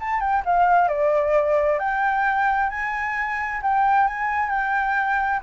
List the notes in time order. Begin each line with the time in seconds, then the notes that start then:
0.00 A5
0.20 G5
0.45 F5
0.89 D5
1.79 G5
2.70 G#5
3.63 G5
4.08 G#5
4.50 G5